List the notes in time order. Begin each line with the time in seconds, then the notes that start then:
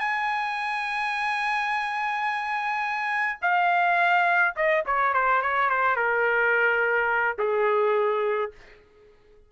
0.00 G#5
3.42 F5
4.56 D#5
4.87 C#5
5.14 C5
5.42 C#5
5.70 C5
5.97 A#4
7.39 G#4